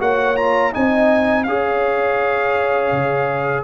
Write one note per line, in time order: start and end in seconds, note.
0.00 0.74 A#3
0.00 0.37 F#4
0.00 0.73 C#5
0.00 0.37 F#5
0.37 0.73 F4
0.37 0.73 A#5
0.73 1.47 C4
0.73 1.46 D#4
0.73 1.46 D#5
0.73 1.44 G#5
1.44 2.92 C#4
1.44 3.64 G#4
1.44 3.64 C#5
1.44 3.64 F5
2.92 3.64 C#3